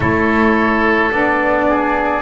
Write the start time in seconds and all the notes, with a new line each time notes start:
0.00 A3 E4 A4 C#5
1.11 B3 D4 D5
1.69 G#4